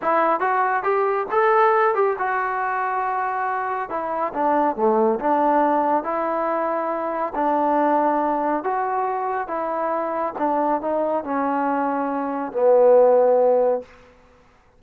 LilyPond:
\new Staff \with { instrumentName = "trombone" } { \time 4/4 \tempo 4 = 139 e'4 fis'4 g'4 a'4~ | a'8 g'8 fis'2.~ | fis'4 e'4 d'4 a4 | d'2 e'2~ |
e'4 d'2. | fis'2 e'2 | d'4 dis'4 cis'2~ | cis'4 b2. | }